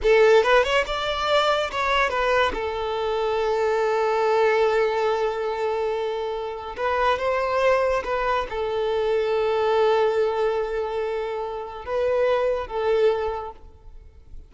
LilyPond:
\new Staff \with { instrumentName = "violin" } { \time 4/4 \tempo 4 = 142 a'4 b'8 cis''8 d''2 | cis''4 b'4 a'2~ | a'1~ | a'1 |
b'4 c''2 b'4 | a'1~ | a'1 | b'2 a'2 | }